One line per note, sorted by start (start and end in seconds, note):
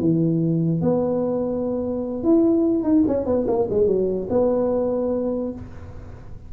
0.00 0.82 E3
0.82 2.23 B3
2.23 2.83 E4
2.83 3.04 D#4
3.07 3.26 C#4
3.26 3.46 B3
3.47 3.68 A#3
3.70 3.87 G#3
3.87 4.28 F#3
4.30 5.52 B3